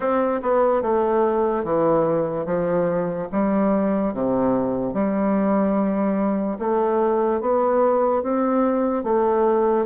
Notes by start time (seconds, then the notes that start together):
0.00 C4
0.42 B3
0.82 A3
1.64 E3
2.45 F3
3.31 G3
4.13 C3
4.93 G3
6.58 A3
7.40 B3
8.22 C4
9.03 A3